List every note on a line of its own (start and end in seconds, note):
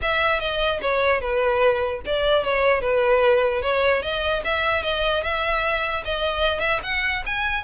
0.02 0.40 E5
0.40 0.80 D#5
0.81 1.20 C#5
1.20 2.01 B4
2.05 2.44 D5
2.44 2.81 C#5
2.81 3.61 B4
3.62 4.02 C#5
4.02 4.42 D#5
4.44 4.82 E5
4.82 5.23 D#5
5.23 6.03 E5
6.05 6.60 D#5
6.60 6.80 E5
6.83 7.23 F#5
7.26 7.63 G#5